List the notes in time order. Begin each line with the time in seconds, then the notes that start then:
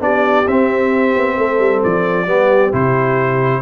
0.00 B3 D4 G4 D5
0.47 C4 E5
1.16 B3
1.36 A3 A4
1.59 G3
1.83 F3 D5
2.27 G3 B3 G4
2.72 C3 E4 C5